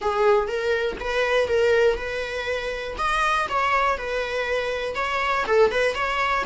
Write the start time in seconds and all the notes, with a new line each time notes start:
0.01 G#4
0.47 A#4
0.99 B4
1.48 A#4
1.97 B4
2.98 D#5
3.49 C#5
3.97 B4
4.95 C#5
5.46 A4
5.71 B4
5.95 C#5